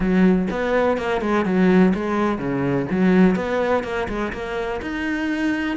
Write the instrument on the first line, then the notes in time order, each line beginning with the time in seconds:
cello
0.00 F#3
0.50 B3
0.97 A#3
1.21 G#3
1.45 F#3
1.94 G#3
2.38 C#3
2.90 F#3
3.35 B3
3.83 A#3
4.08 G#3
4.32 A#3
4.81 D#4